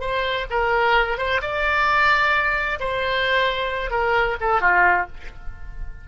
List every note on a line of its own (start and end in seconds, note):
0.00 0.46 C5
0.50 1.18 A#4
1.18 1.41 C5
1.42 2.79 D5
2.80 3.91 C5
3.91 4.36 A#4
4.41 4.61 A4
4.61 5.07 F4